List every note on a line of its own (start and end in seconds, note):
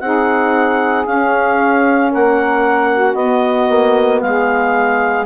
0.00 1.06 C4
0.00 1.06 D#4
0.00 2.11 G#4
0.00 1.05 F#5
1.06 3.16 C#4
1.06 2.12 C#4
1.06 2.11 F5
2.11 3.14 A#3
2.11 2.90 A#4
2.11 3.15 F#5
2.92 4.23 F#4
3.14 3.67 B3
3.14 5.26 B3
3.14 4.21 D#5
3.70 4.22 A#3
4.21 5.26 G#3
4.21 5.26 G#4
4.21 5.26 F5